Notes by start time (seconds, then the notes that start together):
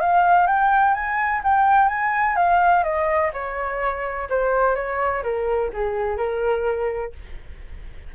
0.00 F5
0.47 G5
0.94 G#5
1.44 G5
1.88 G#5
2.36 F5
2.83 D#5
3.33 C#5
4.30 C5
4.75 C#5
5.23 A#4
5.73 G#4
6.17 A#4